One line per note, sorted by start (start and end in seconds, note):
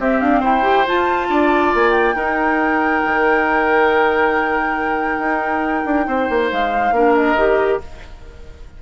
0.00 0.63 C4
0.00 0.22 C4
0.00 0.40 G4
0.00 0.21 E5
0.21 0.43 D4
0.21 0.42 F5
0.40 0.87 E4
0.40 1.27 C5
0.40 0.88 G5
0.63 0.85 G4
0.87 2.15 F4
0.87 1.30 F4
0.87 1.75 A5
1.30 1.73 D4
1.30 2.16 D5
1.75 2.15 A#3
1.75 1.91 G#5
1.91 6.48 G5
2.15 3.02 D#4
2.15 6.93 D#4
2.15 6.08 A#4
3.05 5.19 D#3
5.19 5.84 D#4
5.86 6.07 D4
6.08 6.29 C4
6.08 6.95 C5
6.30 6.51 A#3
6.52 6.92 G#3
6.52 7.16 F5
6.92 7.36 A#3
6.92 7.37 D4
6.92 7.83 A#4
7.16 7.81 D#5
7.36 7.80 D#3
7.36 7.81 G4